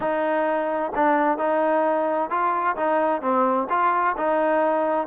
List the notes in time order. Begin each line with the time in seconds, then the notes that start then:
0.00 D#4
0.95 D4
1.37 D#4
2.30 F4
2.76 D#4
3.21 C4
3.69 F4
4.17 D#4